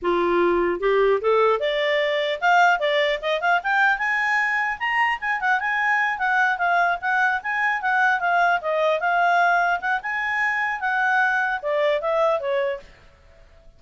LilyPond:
\new Staff \with { instrumentName = "clarinet" } { \time 4/4 \tempo 4 = 150 f'2 g'4 a'4 | d''2 f''4 d''4 | dis''8 f''8 g''4 gis''2 | ais''4 gis''8 fis''8 gis''4. fis''8~ |
fis''8 f''4 fis''4 gis''4 fis''8~ | fis''8 f''4 dis''4 f''4.~ | f''8 fis''8 gis''2 fis''4~ | fis''4 d''4 e''4 cis''4 | }